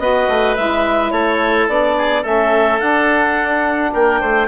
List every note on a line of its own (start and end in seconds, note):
0.00 0.28 B3
0.00 0.57 F#4
0.00 1.13 B4
0.00 0.56 D#5
0.29 0.57 A3
0.56 1.12 G#3
0.56 1.69 E4
0.56 1.11 E5
1.11 1.68 A3
1.11 1.97 A4
1.11 1.68 C#5
1.68 2.25 B3
1.68 2.24 D4
1.68 2.25 D5
1.98 2.23 G#4
2.23 2.81 A3
2.23 2.80 C#4
2.23 3.91 A4
2.23 2.80 E5
2.80 4.48 D4
2.80 3.93 D4
2.80 3.93 F#5
3.94 4.22 A#3
3.94 4.21 A#4
3.94 4.48 G5
4.21 4.48 A3
4.21 4.48 C5